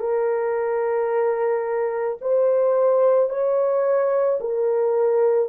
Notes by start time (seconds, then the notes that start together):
0.00 A#4
2.21 C5
3.30 C#5
4.40 A#4